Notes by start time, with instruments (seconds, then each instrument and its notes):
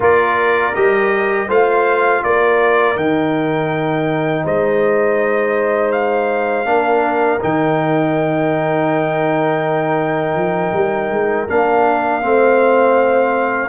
0.00 tuba A#3, trombone F4, horn A#4, trumpet D5
0.75 tuba G3, trombone G4, trumpet D#5
1.47 tuba A3, trombone F4, horn C5, trumpet F5
2.23 tuba A#3, horn A#4, trumpet D5
2.96 tuba D#3, trombone D#4, trumpet G5
4.44 tuba G#3, horn C5, trumpet D#5
5.91 trumpet F5
6.64 tuba A#3, trombone D4, horn A#4
7.40 tuba D#3, trombone D#4, trumpet G5
10.34 tuba F3
10.72 tuba G3
11.10 tuba G#3
11.48 tuba A#3, trombone D4, trumpet F5
12.21 tuba A3, trombone C4, horn C5